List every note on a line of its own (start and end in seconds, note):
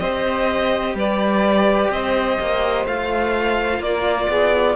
0.00 0.95 C4
0.00 2.87 G4
0.00 0.96 C5
0.00 0.95 D#5
0.95 1.90 G3
0.95 1.92 B4
0.95 1.91 D5
1.90 2.38 C4
1.90 3.83 C5
1.90 2.87 D#5
2.41 2.86 A#3
2.86 3.80 A3
2.86 4.76 F4
2.86 3.83 F5
3.80 4.27 A#3
3.80 4.28 A#4
3.80 4.76 D5
4.28 4.76 B3
4.28 4.76 G#4